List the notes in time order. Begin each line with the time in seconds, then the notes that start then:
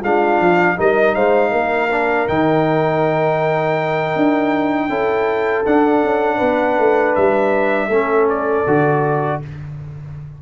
0.00 G#3 D4 F4 F5
0.39 F3
0.76 G3 D#4 A#4 D#5
1.15 G#3 C5 F5
1.51 A#3 A#4
1.91 D4
2.28 D#3 D#4 G5
4.15 D4
4.89 C#4 E4 A4
5.65 D4 F#5
6.03 C#4
6.37 B3 B4
6.78 A3
7.15 G3 E5
7.88 A3 C#4 A4
8.29 D5
8.67 D3 F#4